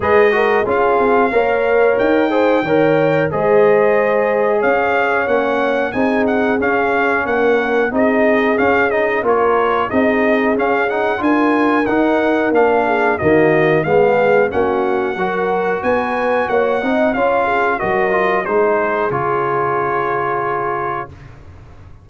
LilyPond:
<<
  \new Staff \with { instrumentName = "trumpet" } { \time 4/4 \tempo 4 = 91 dis''4 f''2 g''4~ | g''4 dis''2 f''4 | fis''4 gis''8 fis''8 f''4 fis''4 | dis''4 f''8 dis''8 cis''4 dis''4 |
f''8 fis''8 gis''4 fis''4 f''4 | dis''4 f''4 fis''2 | gis''4 fis''4 f''4 dis''4 | c''4 cis''2. | }
  \new Staff \with { instrumentName = "horn" } { \time 4/4 b'8 ais'8 gis'4 cis''4. c''8 | cis''4 c''2 cis''4~ | cis''4 gis'2 ais'4 | gis'2 ais'4 gis'4~ |
gis'4 ais'2~ ais'8 gis'8 | fis'4 gis'4 fis'4 ais'4 | b'4 cis''8 dis''8 cis''8 gis'8 ais'4 | gis'1 | }
  \new Staff \with { instrumentName = "trombone" } { \time 4/4 gis'8 fis'8 f'4 ais'4. gis'8 | ais'4 gis'2. | cis'4 dis'4 cis'2 | dis'4 cis'8 dis'8 f'4 dis'4 |
cis'8 dis'8 f'4 dis'4 d'4 | ais4 b4 cis'4 fis'4~ | fis'4. dis'8 f'4 fis'8 f'8 | dis'4 f'2. | }
  \new Staff \with { instrumentName = "tuba" } { \time 4/4 gis4 cis'8 c'8 ais4 dis'4 | dis4 gis2 cis'4 | ais4 c'4 cis'4 ais4 | c'4 cis'4 ais4 c'4 |
cis'4 d'4 dis'4 ais4 | dis4 gis4 ais4 fis4 | b4 ais8 c'8 cis'4 fis4 | gis4 cis2. | }
>>